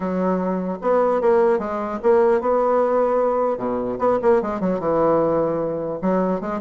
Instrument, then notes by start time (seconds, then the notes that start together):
bassoon
0.00 F#3
0.81 B3
1.21 A#3
1.58 G#3
2.02 A#3
2.41 B3
3.57 B2
3.98 B3
4.21 A#3
4.42 G#3
4.60 F#3
4.79 E3
6.01 F#3
6.40 G#3